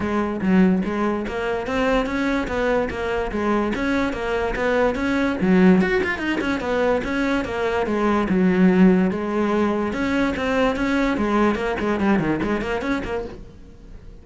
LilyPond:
\new Staff \with { instrumentName = "cello" } { \time 4/4 \tempo 4 = 145 gis4 fis4 gis4 ais4 | c'4 cis'4 b4 ais4 | gis4 cis'4 ais4 b4 | cis'4 fis4 fis'8 f'8 dis'8 cis'8 |
b4 cis'4 ais4 gis4 | fis2 gis2 | cis'4 c'4 cis'4 gis4 | ais8 gis8 g8 dis8 gis8 ais8 cis'8 ais8 | }